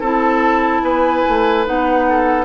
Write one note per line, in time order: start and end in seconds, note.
0.00 0.82 C4
0.00 1.65 E4
0.00 0.81 A4
0.00 0.84 A5
0.82 1.22 B3
0.82 2.06 B4
0.82 1.65 G#5
1.28 1.68 A3
1.65 2.44 B3
1.65 2.44 D#4
1.65 2.44 F#5
2.09 2.44 A4